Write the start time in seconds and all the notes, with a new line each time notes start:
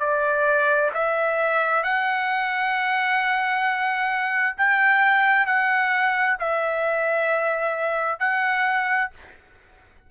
0.00 D5
0.95 E5
1.83 F#5
4.57 G5
5.46 F#5
6.40 E5
8.20 F#5